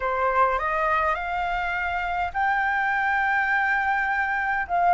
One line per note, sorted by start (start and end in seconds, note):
0.00 0.58 C5
0.58 1.15 D#5
1.15 2.31 F5
2.33 4.66 G5
4.67 4.94 F5